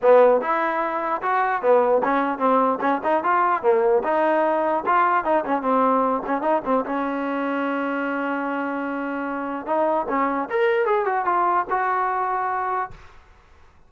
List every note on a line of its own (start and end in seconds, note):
0.01 0.41 B3
0.41 1.21 E4
1.22 1.61 F#4
1.61 2.02 B3
2.03 2.38 C#4
2.38 2.78 C4
2.81 3.01 C#4
3.03 3.23 D#4
3.23 3.62 F4
3.62 4.02 A#3
4.03 4.84 D#4
4.86 5.24 F4
5.24 5.44 D#4
5.44 5.61 C#4
5.61 6.22 C4
6.26 6.41 C#4
6.41 6.61 D#4
6.64 6.84 C4
6.85 9.66 C#4
9.66 10.06 D#4
10.08 10.49 C#4
10.49 10.85 A#4
10.85 11.05 G#4
11.05 11.25 F#4
11.25 11.65 F4
11.70 12.90 F#4